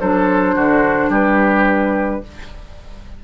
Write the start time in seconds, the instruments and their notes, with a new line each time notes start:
0.00 bassoon F#3, clarinet D4, oboe A4, flute C5
0.55 bassoon D3, oboe F#4
1.09 bassoon G3, oboe G4, flute B4